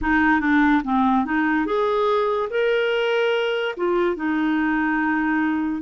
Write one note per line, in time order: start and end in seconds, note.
0.01 0.40 D#4
0.40 0.82 D4
0.83 1.25 C4
1.25 1.66 D#4
1.66 2.49 G#4
2.50 3.75 A#4
3.77 4.16 F4
4.16 5.82 D#4